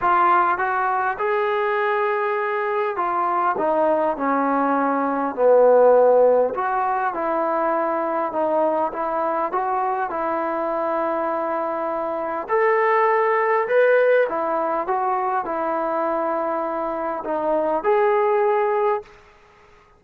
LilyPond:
\new Staff \with { instrumentName = "trombone" } { \time 4/4 \tempo 4 = 101 f'4 fis'4 gis'2~ | gis'4 f'4 dis'4 cis'4~ | cis'4 b2 fis'4 | e'2 dis'4 e'4 |
fis'4 e'2.~ | e'4 a'2 b'4 | e'4 fis'4 e'2~ | e'4 dis'4 gis'2 | }